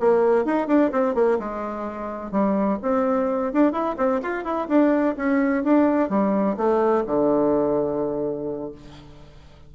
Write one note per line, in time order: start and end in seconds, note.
0.00 0.46 A#3
0.46 0.68 D#4
0.68 0.91 D4
0.92 1.15 C4
1.15 1.39 A#3
1.39 2.32 G#3
2.32 2.79 G3
2.82 3.53 C4
3.54 3.73 D4
3.73 3.96 E4
3.98 4.21 C4
4.23 4.45 F4
4.45 4.68 E4
4.69 5.16 D4
5.17 5.64 C#4
5.64 6.10 D4
6.10 6.57 G3
6.57 7.05 A3
7.07 8.72 D3